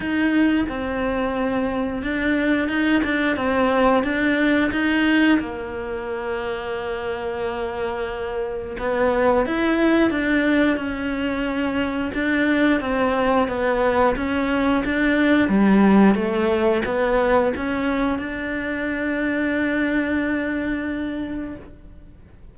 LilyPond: \new Staff \with { instrumentName = "cello" } { \time 4/4 \tempo 4 = 89 dis'4 c'2 d'4 | dis'8 d'8 c'4 d'4 dis'4 | ais1~ | ais4 b4 e'4 d'4 |
cis'2 d'4 c'4 | b4 cis'4 d'4 g4 | a4 b4 cis'4 d'4~ | d'1 | }